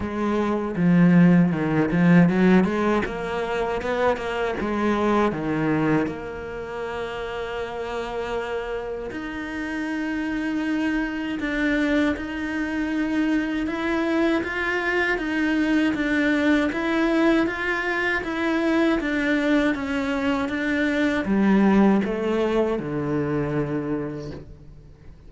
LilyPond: \new Staff \with { instrumentName = "cello" } { \time 4/4 \tempo 4 = 79 gis4 f4 dis8 f8 fis8 gis8 | ais4 b8 ais8 gis4 dis4 | ais1 | dis'2. d'4 |
dis'2 e'4 f'4 | dis'4 d'4 e'4 f'4 | e'4 d'4 cis'4 d'4 | g4 a4 d2 | }